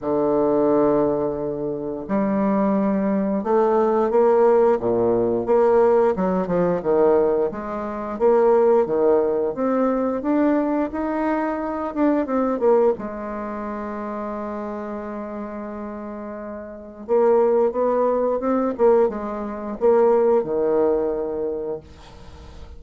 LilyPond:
\new Staff \with { instrumentName = "bassoon" } { \time 4/4 \tempo 4 = 88 d2. g4~ | g4 a4 ais4 ais,4 | ais4 fis8 f8 dis4 gis4 | ais4 dis4 c'4 d'4 |
dis'4. d'8 c'8 ais8 gis4~ | gis1~ | gis4 ais4 b4 c'8 ais8 | gis4 ais4 dis2 | }